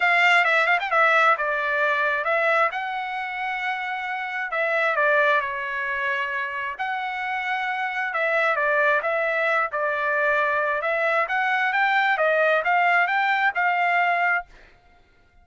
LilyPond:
\new Staff \with { instrumentName = "trumpet" } { \time 4/4 \tempo 4 = 133 f''4 e''8 f''16 g''16 e''4 d''4~ | d''4 e''4 fis''2~ | fis''2 e''4 d''4 | cis''2. fis''4~ |
fis''2 e''4 d''4 | e''4. d''2~ d''8 | e''4 fis''4 g''4 dis''4 | f''4 g''4 f''2 | }